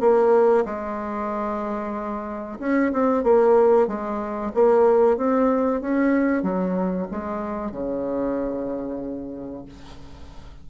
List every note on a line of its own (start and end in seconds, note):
0.00 0.65 A#3
0.65 2.58 G#3
2.60 2.92 C#4
2.92 3.23 C4
3.23 3.87 A#3
3.87 4.52 G#3
4.54 5.17 A#3
5.17 5.81 C4
5.81 6.43 C#4
6.43 7.07 F#3
7.11 7.71 G#3
7.71 9.65 C#3